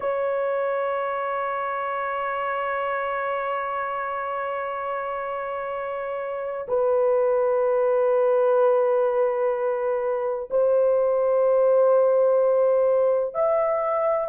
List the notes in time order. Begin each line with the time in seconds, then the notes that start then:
0.00 C#5
6.68 B4
10.50 C5
13.34 E5